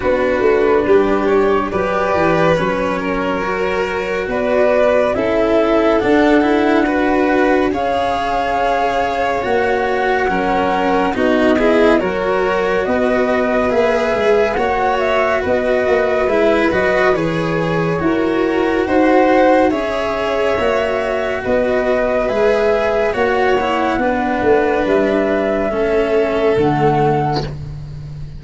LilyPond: <<
  \new Staff \with { instrumentName = "flute" } { \time 4/4 \tempo 4 = 70 b'4. cis''8 d''4 cis''4~ | cis''4 d''4 e''4 fis''4~ | fis''4 f''2 fis''4~ | fis''4 dis''4 cis''4 dis''4 |
e''4 fis''8 e''8 dis''4 e''8 dis''8 | cis''2 fis''4 e''4~ | e''4 dis''4 e''4 fis''4~ | fis''4 e''2 fis''4 | }
  \new Staff \with { instrumentName = "violin" } { \time 4/4 fis'4 g'4 b'4. ais'8~ | ais'4 b'4 a'2 | b'4 cis''2. | ais'4 fis'8 gis'8 ais'4 b'4~ |
b'4 cis''4 b'2~ | b'4 ais'4 c''4 cis''4~ | cis''4 b'2 cis''4 | b'2 a'2 | }
  \new Staff \with { instrumentName = "cello" } { \time 4/4 d'2 g'4 cis'4 | fis'2 e'4 d'8 e'8 | fis'4 gis'2 fis'4 | cis'4 dis'8 e'8 fis'2 |
gis'4 fis'2 e'8 fis'8 | gis'4 fis'2 gis'4 | fis'2 gis'4 fis'8 e'8 | d'2 cis'4 a4 | }
  \new Staff \with { instrumentName = "tuba" } { \time 4/4 b8 a8 g4 fis8 e8 fis4~ | fis4 b4 cis'4 d'4~ | d'4 cis'2 ais4 | fis4 b4 fis4 b4 |
ais8 gis8 ais4 b8 ais8 gis8 fis8 | e4 e'4 dis'4 cis'4 | ais4 b4 gis4 ais4 | b8 a8 g4 a4 d4 | }
>>